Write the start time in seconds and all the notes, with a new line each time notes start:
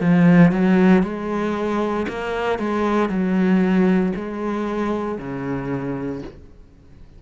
0.00 F3
0.52 F#3
1.03 G#3
2.08 A#3
2.59 G#3
3.09 F#3
4.16 G#3
5.18 C#3